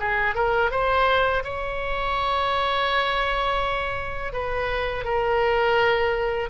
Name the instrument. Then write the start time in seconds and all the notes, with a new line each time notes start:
oboe
0.00 G#4
0.35 A#4
0.71 C5
1.44 C#5
4.33 B4
5.05 A#4